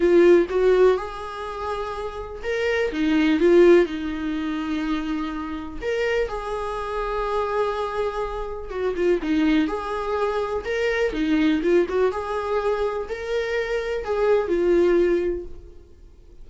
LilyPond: \new Staff \with { instrumentName = "viola" } { \time 4/4 \tempo 4 = 124 f'4 fis'4 gis'2~ | gis'4 ais'4 dis'4 f'4 | dis'1 | ais'4 gis'2.~ |
gis'2 fis'8 f'8 dis'4 | gis'2 ais'4 dis'4 | f'8 fis'8 gis'2 ais'4~ | ais'4 gis'4 f'2 | }